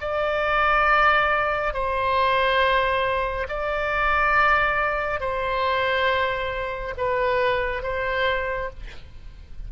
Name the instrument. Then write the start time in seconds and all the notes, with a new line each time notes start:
oboe
0.00 D5
1.73 C5
3.48 D5
5.20 C5
6.97 B4
7.82 C5